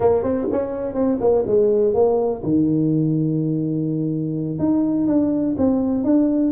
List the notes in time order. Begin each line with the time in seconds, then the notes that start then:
0.00 A#3
0.23 C4
0.51 C#4
0.94 C4
1.20 A#3
1.46 G#3
1.94 A#3
2.43 D#3
4.59 D#4
5.07 D4
5.57 C4
6.04 D4